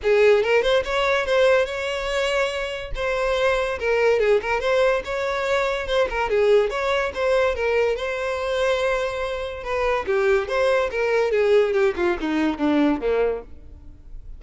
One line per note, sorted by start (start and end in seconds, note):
0.02 0.43 G#4
0.43 0.62 A#4
0.62 0.83 C5
0.84 1.26 C#5
1.26 1.65 C5
1.65 2.91 C#5
2.95 3.79 C5
3.79 4.19 A#4
4.19 4.40 G#4
4.41 4.60 A#4
4.60 5.02 C5
5.04 5.87 C#5
5.87 6.08 C5
6.09 6.29 A#4
6.29 6.70 G#4
6.70 7.12 C#5
7.14 7.55 C5
7.55 7.96 A#4
7.96 9.63 C5
9.63 10.05 B4
10.06 10.48 G4
10.48 10.90 C5
10.90 11.31 A#4
11.31 11.73 G#4
11.73 11.94 G4
11.96 12.17 F4
12.20 12.58 D#4
12.58 13.00 D4
13.00 13.42 A#3